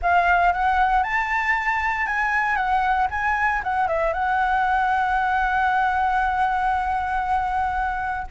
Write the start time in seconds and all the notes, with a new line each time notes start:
0.02 F5
0.52 F#5
1.03 A5
2.06 G#5
2.56 F#5
3.10 G#5
3.63 F#5
3.87 E5
4.13 F#5